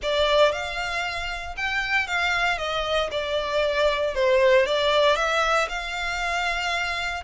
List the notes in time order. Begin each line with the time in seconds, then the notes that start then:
0.02 D5
0.52 F5
1.56 G5
2.07 F5
2.58 D#5
3.11 D5
4.14 C5
4.66 D5
5.16 E5
5.68 F5